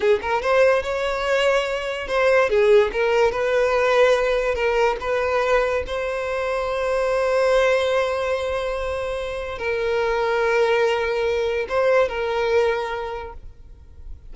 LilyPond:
\new Staff \with { instrumentName = "violin" } { \time 4/4 \tempo 4 = 144 gis'8 ais'8 c''4 cis''2~ | cis''4 c''4 gis'4 ais'4 | b'2. ais'4 | b'2 c''2~ |
c''1~ | c''2. ais'4~ | ais'1 | c''4 ais'2. | }